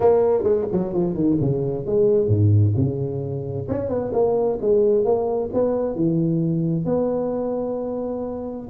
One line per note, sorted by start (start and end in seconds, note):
0.00 0.43 A#3
0.43 0.66 G#3
0.72 0.93 F#3
0.93 1.14 F3
1.14 1.37 D#3
1.40 1.85 C#3
1.85 2.27 G#3
2.27 2.73 G#2
2.76 3.67 C#3
3.68 3.88 C#4
3.88 4.11 B3
4.12 4.58 A#3
4.61 5.04 G#3
5.04 5.50 A#3
5.53 5.95 B3
5.95 6.85 E3
6.85 8.68 B3